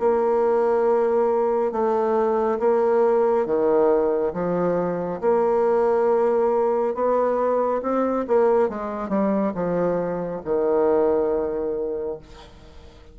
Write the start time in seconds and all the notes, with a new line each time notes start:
0.00 A#3
1.72 A3
2.60 A#3
3.46 D#3
4.34 F3
5.21 A#3
6.95 B3
7.83 C4
8.28 A#3
8.69 G#3
9.09 G3
9.55 F3
10.45 D#3